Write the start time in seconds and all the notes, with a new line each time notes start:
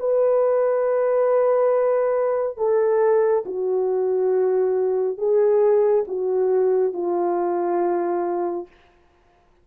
0.00 B4
2.57 A4
3.46 F#4
5.18 G#4
6.08 F#4
6.93 F4